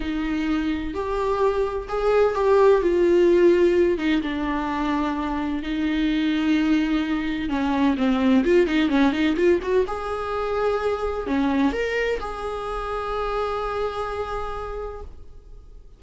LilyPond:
\new Staff \with { instrumentName = "viola" } { \time 4/4 \tempo 4 = 128 dis'2 g'2 | gis'4 g'4 f'2~ | f'8 dis'8 d'2. | dis'1 |
cis'4 c'4 f'8 dis'8 cis'8 dis'8 | f'8 fis'8 gis'2. | cis'4 ais'4 gis'2~ | gis'1 | }